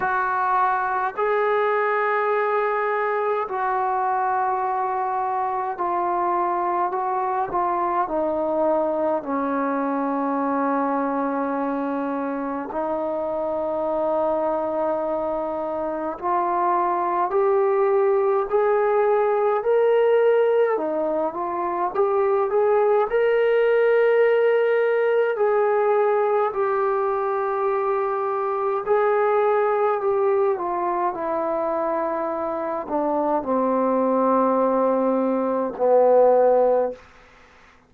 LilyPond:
\new Staff \with { instrumentName = "trombone" } { \time 4/4 \tempo 4 = 52 fis'4 gis'2 fis'4~ | fis'4 f'4 fis'8 f'8 dis'4 | cis'2. dis'4~ | dis'2 f'4 g'4 |
gis'4 ais'4 dis'8 f'8 g'8 gis'8 | ais'2 gis'4 g'4~ | g'4 gis'4 g'8 f'8 e'4~ | e'8 d'8 c'2 b4 | }